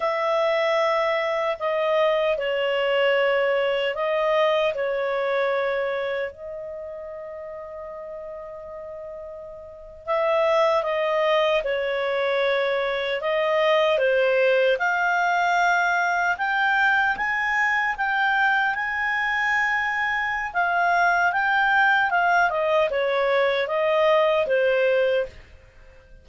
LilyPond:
\new Staff \with { instrumentName = "clarinet" } { \time 4/4 \tempo 4 = 76 e''2 dis''4 cis''4~ | cis''4 dis''4 cis''2 | dis''1~ | dis''8. e''4 dis''4 cis''4~ cis''16~ |
cis''8. dis''4 c''4 f''4~ f''16~ | f''8. g''4 gis''4 g''4 gis''16~ | gis''2 f''4 g''4 | f''8 dis''8 cis''4 dis''4 c''4 | }